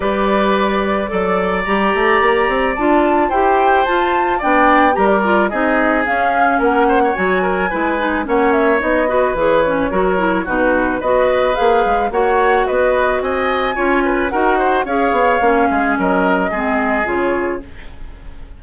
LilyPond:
<<
  \new Staff \with { instrumentName = "flute" } { \time 4/4 \tempo 4 = 109 d''2. ais''4~ | ais''4 a''4 g''4 a''4 | g''4 ais''16 d''8. dis''4 f''4 | fis''4 gis''2 fis''8 e''8 |
dis''4 cis''2 b'4 | dis''4 f''4 fis''4 dis''4 | gis''2 fis''4 f''4~ | f''4 dis''2 cis''4 | }
  \new Staff \with { instrumentName = "oboe" } { \time 4/4 b'2 d''2~ | d''2 c''2 | d''4 ais'4 gis'2 | ais'8 c''16 cis''8. ais'8 b'4 cis''4~ |
cis''8 b'4. ais'4 fis'4 | b'2 cis''4 b'4 | dis''4 cis''8 b'8 ais'8 c''8 cis''4~ | cis''8 gis'8 ais'4 gis'2 | }
  \new Staff \with { instrumentName = "clarinet" } { \time 4/4 g'2 a'4 g'4~ | g'4 f'4 g'4 f'4 | d'4 g'8 f'8 dis'4 cis'4~ | cis'4 fis'4 e'8 dis'8 cis'4 |
dis'8 fis'8 gis'8 cis'8 fis'8 e'8 dis'4 | fis'4 gis'4 fis'2~ | fis'4 f'4 fis'4 gis'4 | cis'2 c'4 f'4 | }
  \new Staff \with { instrumentName = "bassoon" } { \time 4/4 g2 fis4 g8 a8 | ais8 c'8 d'4 e'4 f'4 | b4 g4 c'4 cis'4 | ais4 fis4 gis4 ais4 |
b4 e4 fis4 b,4 | b4 ais8 gis8 ais4 b4 | c'4 cis'4 dis'4 cis'8 b8 | ais8 gis8 fis4 gis4 cis4 | }
>>